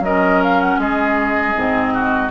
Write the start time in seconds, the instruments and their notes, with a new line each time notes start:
0.00 bassoon F#3, clarinet C#4, oboe A#4, flute D#5
0.42 flute F5
0.60 flute F#5
0.78 bassoon G#3, oboe G#4, flute D#5
1.55 bassoon G#2, clarinet C4
1.93 oboe F#4